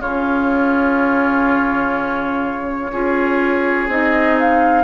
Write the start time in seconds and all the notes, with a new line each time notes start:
0.00 C#3 C#4 F4 C#5
2.93 C#4 F4 G#4
3.88 C4 D#4 D#5
4.40 F5